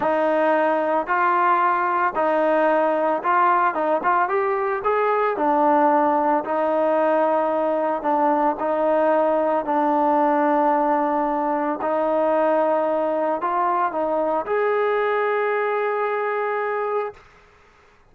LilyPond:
\new Staff \with { instrumentName = "trombone" } { \time 4/4 \tempo 4 = 112 dis'2 f'2 | dis'2 f'4 dis'8 f'8 | g'4 gis'4 d'2 | dis'2. d'4 |
dis'2 d'2~ | d'2 dis'2~ | dis'4 f'4 dis'4 gis'4~ | gis'1 | }